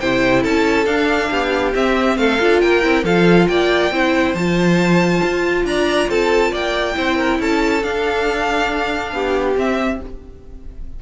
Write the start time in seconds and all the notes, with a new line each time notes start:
0.00 C3 E4 C5 G5
0.42 C#4 A4 A5
0.86 D4 F5
1.31 B3 G4
1.74 C4 E5
2.17 A3 A4 F5
2.40 D4 F4
2.61 A#3 A#4 G5
2.82 C4 E4
3.04 F3 F4 A4 F5
3.48 A#3 D5 G5
3.91 C4 E4 C5
4.35 F3 F4 A5
5.24 F4
5.65 D4 D5 A#5
6.09 C4 A4 A5
6.52 A#3 D5 G5
6.95 C4 E4 C5
7.17 A#4
7.40 C#4 A4 A5
7.82 D4 F5
9.13 B3 G4
9.56 C4 E5